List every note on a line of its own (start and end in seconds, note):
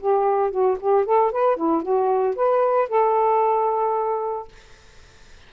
0.00 0.51 G4
0.51 0.77 F#4
0.80 1.05 G4
1.05 1.31 A4
1.31 1.56 B4
1.56 1.82 E4
1.82 2.35 F#4
2.36 2.89 B4
2.89 4.48 A4